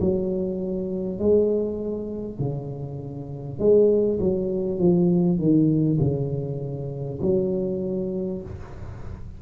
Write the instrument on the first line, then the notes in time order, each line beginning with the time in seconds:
tuba
0.00 F#3
1.19 G#3
2.39 C#3
3.59 G#3
4.19 F#3
4.79 F3
5.39 D#3
6.01 C#3
7.22 F#3